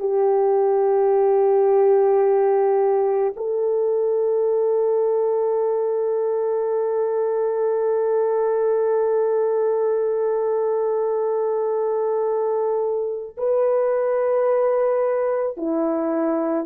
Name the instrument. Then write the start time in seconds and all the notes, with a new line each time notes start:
horn
0.00 G4
3.36 A4
13.38 B4
15.57 E4